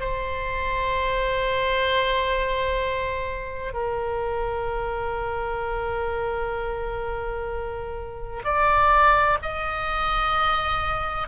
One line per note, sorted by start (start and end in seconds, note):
0.00 3.74 C5
3.74 8.42 A#4
8.44 9.38 D5
9.43 11.28 D#5